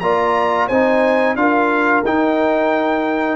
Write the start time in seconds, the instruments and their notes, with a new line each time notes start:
0.00 tuba A#3, trombone F4, horn D5, trumpet A#5
0.67 tuba C4, trombone D#4, horn C5, trumpet G#5
1.36 tuba D4, trombone F4, horn A#4, trumpet F5
2.04 tuba D#4, trombone D#4, trumpet G5